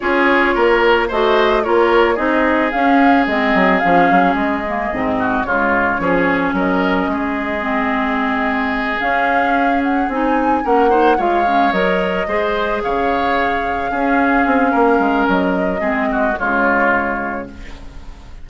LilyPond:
<<
  \new Staff \with { instrumentName = "flute" } { \time 4/4 \tempo 4 = 110 cis''2 dis''4 cis''4 | dis''4 f''4 dis''4 f''4 | dis''2 cis''2 | dis''1~ |
dis''8 f''4. fis''8 gis''4 fis''8~ | fis''8 f''4 dis''2 f''8~ | f''1 | dis''2 cis''2 | }
  \new Staff \with { instrumentName = "oboe" } { \time 4/4 gis'4 ais'4 c''4 ais'4 | gis'1~ | gis'4. fis'8 f'4 gis'4 | ais'4 gis'2.~ |
gis'2.~ gis'8 ais'8 | c''8 cis''2 c''4 cis''8~ | cis''4. gis'4. ais'4~ | ais'4 gis'8 fis'8 f'2 | }
  \new Staff \with { instrumentName = "clarinet" } { \time 4/4 f'2 fis'4 f'4 | dis'4 cis'4 c'4 cis'4~ | cis'8 ais8 c'4 gis4 cis'4~ | cis'2 c'2~ |
c'8 cis'2 dis'4 cis'8 | dis'8 f'8 cis'8 ais'4 gis'4.~ | gis'4. cis'2~ cis'8~ | cis'4 c'4 gis2 | }
  \new Staff \with { instrumentName = "bassoon" } { \time 4/4 cis'4 ais4 a4 ais4 | c'4 cis'4 gis8 fis8 f8 fis8 | gis4 gis,4 cis4 f4 | fis4 gis2.~ |
gis8 cis'2 c'4 ais8~ | ais8 gis4 fis4 gis4 cis8~ | cis4. cis'4 c'8 ais8 gis8 | fis4 gis4 cis2 | }
>>